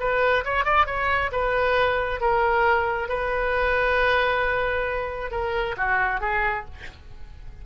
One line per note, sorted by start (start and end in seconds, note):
0.00 0.44 B4
0.44 0.65 C#5
0.65 0.86 D5
0.86 1.31 C#5
1.32 2.21 B4
2.21 3.09 A#4
3.09 5.31 B4
5.31 5.76 A#4
5.77 6.21 F#4
6.21 6.65 G#4